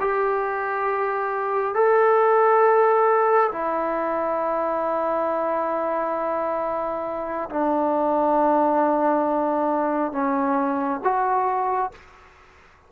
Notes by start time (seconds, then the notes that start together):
0.00 G4
1.74 A4
3.52 E4
7.50 D4
10.12 C#4
11.04 F#4